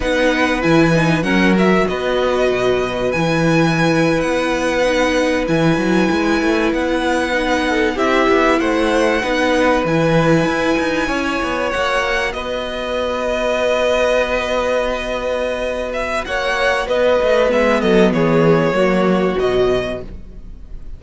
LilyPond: <<
  \new Staff \with { instrumentName = "violin" } { \time 4/4 \tempo 4 = 96 fis''4 gis''4 fis''8 e''8 dis''4~ | dis''4 gis''4.~ gis''16 fis''4~ fis''16~ | fis''8. gis''2 fis''4~ fis''16~ | fis''8. e''4 fis''2 gis''16~ |
gis''2~ gis''8. fis''4 dis''16~ | dis''1~ | dis''4. e''8 fis''4 dis''4 | e''8 dis''8 cis''2 dis''4 | }
  \new Staff \with { instrumentName = "violin" } { \time 4/4 b'2 ais'4 b'4~ | b'1~ | b'1~ | b'16 a'8 g'4 c''4 b'4~ b'16~ |
b'4.~ b'16 cis''2 b'16~ | b'1~ | b'2 cis''4 b'4~ | b'8 a'8 gis'4 fis'2 | }
  \new Staff \with { instrumentName = "viola" } { \time 4/4 dis'4 e'8 dis'8 cis'8 fis'4.~ | fis'4 e'2~ e'8. dis'16~ | dis'8. e'2. dis'16~ | dis'8. e'2 dis'4 e'16~ |
e'2~ e'8. fis'4~ fis'16~ | fis'1~ | fis'1 | b2 ais4 fis4 | }
  \new Staff \with { instrumentName = "cello" } { \time 4/4 b4 e4 fis4 b4 | b,4 e4.~ e16 b4~ b16~ | b8. e8 fis8 gis8 a8 b4~ b16~ | b8. c'8 b8 a4 b4 e16~ |
e8. e'8 dis'8 cis'8 b8 ais4 b16~ | b1~ | b2 ais4 b8 a8 | gis8 fis8 e4 fis4 b,4 | }
>>